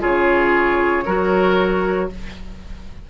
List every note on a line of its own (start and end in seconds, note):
0.00 1.06 C#3
0.00 1.03 F4
0.00 1.05 G#4
0.00 2.09 C#5
1.05 2.10 F#3
1.05 2.10 F#4
1.05 2.09 A#4